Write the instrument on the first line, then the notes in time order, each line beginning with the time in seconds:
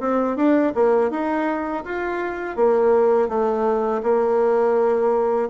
bassoon
0.00 C4
0.36 D4
0.75 A#3
1.10 D#4
1.85 F4
2.56 A#3
3.28 A3
4.03 A#3